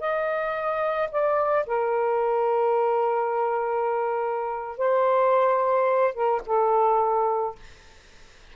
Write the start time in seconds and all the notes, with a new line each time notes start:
0.00 D#5
1.11 D5
1.66 A#4
4.78 C5
6.14 A#4
6.46 A4